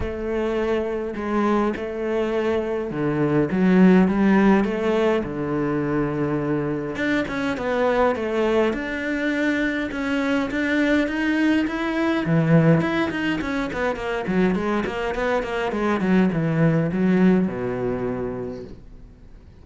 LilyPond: \new Staff \with { instrumentName = "cello" } { \time 4/4 \tempo 4 = 103 a2 gis4 a4~ | a4 d4 fis4 g4 | a4 d2. | d'8 cis'8 b4 a4 d'4~ |
d'4 cis'4 d'4 dis'4 | e'4 e4 e'8 dis'8 cis'8 b8 | ais8 fis8 gis8 ais8 b8 ais8 gis8 fis8 | e4 fis4 b,2 | }